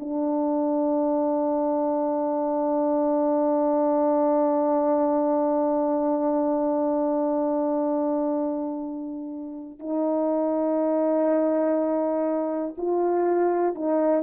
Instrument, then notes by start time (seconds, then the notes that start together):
horn
0.00 D4
9.80 D#4
12.77 F4
13.75 D#4